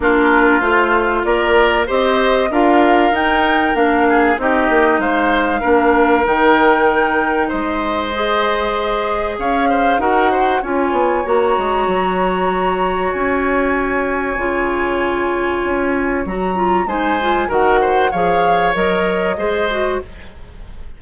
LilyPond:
<<
  \new Staff \with { instrumentName = "flute" } { \time 4/4 \tempo 4 = 96 ais'4 c''4 d''4 dis''4 | f''4 g''4 f''4 dis''4 | f''2 g''2 | dis''2. f''4 |
fis''4 gis''4 ais''2~ | ais''4 gis''2.~ | gis''2 ais''4 gis''4 | fis''4 f''4 dis''2 | }
  \new Staff \with { instrumentName = "oboe" } { \time 4/4 f'2 ais'4 c''4 | ais'2~ ais'8 gis'8 g'4 | c''4 ais'2. | c''2. cis''8 c''8 |
ais'8 c''8 cis''2.~ | cis''1~ | cis''2. c''4 | ais'8 c''8 cis''2 c''4 | }
  \new Staff \with { instrumentName = "clarinet" } { \time 4/4 d'4 f'2 g'4 | f'4 dis'4 d'4 dis'4~ | dis'4 d'4 dis'2~ | dis'4 gis'2. |
fis'4 f'4 fis'2~ | fis'2. f'4~ | f'2 fis'8 f'8 dis'8 f'8 | fis'4 gis'4 ais'4 gis'8 fis'8 | }
  \new Staff \with { instrumentName = "bassoon" } { \time 4/4 ais4 a4 ais4 c'4 | d'4 dis'4 ais4 c'8 ais8 | gis4 ais4 dis2 | gis2. cis'4 |
dis'4 cis'8 b8 ais8 gis8 fis4~ | fis4 cis'2 cis4~ | cis4 cis'4 fis4 gis4 | dis4 f4 fis4 gis4 | }
>>